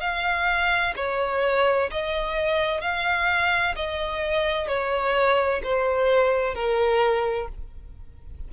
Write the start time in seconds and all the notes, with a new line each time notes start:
0.00 F5
0.96 C#5
1.91 D#5
2.81 F5
3.76 D#5
4.68 C#5
5.63 C5
6.55 A#4